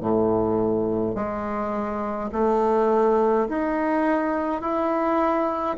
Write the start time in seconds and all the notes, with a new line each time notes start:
0.00 A2
1.14 G#3
2.32 A3
3.48 D#4
4.61 E4